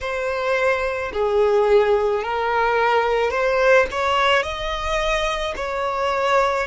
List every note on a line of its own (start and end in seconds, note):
0.01 1.12 C5
1.12 2.23 G#4
2.23 3.30 A#4
3.30 3.86 C5
3.91 4.42 C#5
4.42 5.54 D#5
5.56 6.67 C#5